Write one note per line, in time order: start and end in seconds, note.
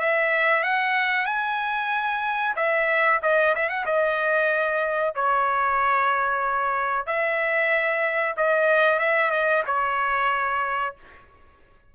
0.00 0.63 E5
0.63 1.26 F#5
1.26 2.55 G#5
2.57 3.21 E5
3.23 3.55 D#5
3.56 3.70 E5
3.70 3.86 F#5
3.86 5.15 D#5
5.15 7.07 C#5
7.07 8.35 E5
8.37 9.00 D#5
9.00 9.31 E5
9.31 9.63 D#5
9.67 10.96 C#5